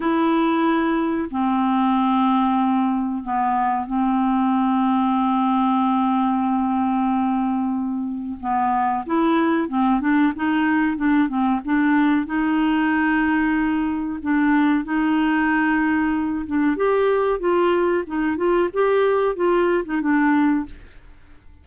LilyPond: \new Staff \with { instrumentName = "clarinet" } { \time 4/4 \tempo 4 = 93 e'2 c'2~ | c'4 b4 c'2~ | c'1~ | c'4 b4 e'4 c'8 d'8 |
dis'4 d'8 c'8 d'4 dis'4~ | dis'2 d'4 dis'4~ | dis'4. d'8 g'4 f'4 | dis'8 f'8 g'4 f'8. dis'16 d'4 | }